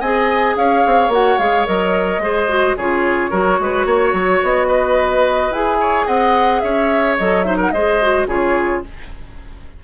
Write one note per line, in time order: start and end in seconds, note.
0.00 0.56 C4
0.00 1.12 G#4
0.00 0.55 D#5
0.00 0.56 G#5
0.56 0.84 C#4
0.56 2.23 C#5
0.56 1.12 F5
0.86 1.08 C4
1.08 1.36 A#3
1.08 1.39 F#4
1.08 1.38 F#5
1.38 1.66 G#3
1.38 1.66 G#4
1.38 1.66 F5
1.66 2.18 F#3
1.66 2.21 A#4
1.66 2.77 D#5
2.18 2.73 G#3
2.18 2.49 G#4
2.18 2.76 C5
2.49 2.76 F#4
2.76 3.32 C#3
2.76 3.31 F4
2.76 3.30 G#4
2.76 4.42 C#5
3.30 3.59 F#3
3.30 5.51 F#4
3.30 3.58 A#4
3.59 3.85 G#3
3.59 3.86 B4
3.85 4.13 A#3
3.85 4.67 C#5
4.13 4.41 F#3
4.43 5.50 B3
4.43 5.52 D#5
4.67 5.77 B4
5.50 6.06 E4
5.50 7.18 G#4
5.50 6.07 G#5
5.80 6.06 C#5
6.06 6.62 C4
6.06 6.61 D#5
6.06 6.60 F#5
6.60 7.18 C#4
6.60 7.46 C#5
6.60 7.15 E5
7.17 7.72 F#3
7.17 7.45 A4
7.17 7.42 D#5
7.42 7.73 D#4
7.42 7.57 C5
7.42 7.56 E5
7.57 7.71 A#4
7.57 7.71 F#5
7.71 8.27 G#3
7.71 8.02 G#4
7.71 8.28 C5
7.71 8.26 D#5
8.02 8.28 F#4
8.27 8.82 C#3
8.27 8.83 F4
8.27 8.83 G#4
8.27 8.84 C#5